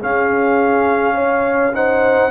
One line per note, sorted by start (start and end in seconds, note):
0.00 1.73 C#4
0.00 2.31 C#4
0.00 1.15 G#4
0.00 1.75 F5
1.15 1.73 C#5
1.74 2.31 D#4
1.74 2.31 C5
1.74 2.31 F#5